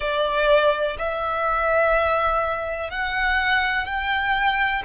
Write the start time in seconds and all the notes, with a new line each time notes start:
0.00 D5
0.98 E5
2.90 F#5
3.85 G5